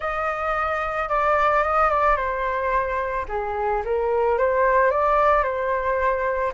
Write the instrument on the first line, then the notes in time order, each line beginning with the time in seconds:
flute
0.00 D#5
1.09 D5
1.63 D#5
1.90 D5
2.16 C5
3.28 G#4
3.85 A#4
4.38 C5
4.91 D5
5.43 C5